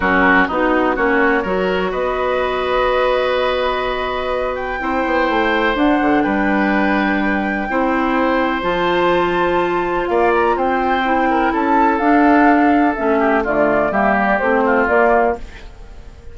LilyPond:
<<
  \new Staff \with { instrumentName = "flute" } { \time 4/4 \tempo 4 = 125 ais'4 fis'4 cis''2 | dis''1~ | dis''4. g''2~ g''8 | fis''4 g''2.~ |
g''2 a''2~ | a''4 f''8 ais''8 g''2 | a''4 f''2 e''4 | d''4 e''8 d''8 c''4 d''4 | }
  \new Staff \with { instrumentName = "oboe" } { \time 4/4 fis'4 dis'4 fis'4 ais'4 | b'1~ | b'2 c''2~ | c''4 b'2. |
c''1~ | c''4 d''4 c''4. ais'8 | a'2.~ a'8 g'8 | f'4 g'4. f'4. | }
  \new Staff \with { instrumentName = "clarinet" } { \time 4/4 cis'4 dis'4 cis'4 fis'4~ | fis'1~ | fis'2 e'2 | d'1 |
e'2 f'2~ | f'2. e'4~ | e'4 d'2 cis'4 | a4 ais4 c'4 ais4 | }
  \new Staff \with { instrumentName = "bassoon" } { \time 4/4 fis4 b4 ais4 fis4 | b1~ | b2 c'8 b8 a4 | d'8 d8 g2. |
c'2 f2~ | f4 ais4 c'2 | cis'4 d'2 a4 | d4 g4 a4 ais4 | }
>>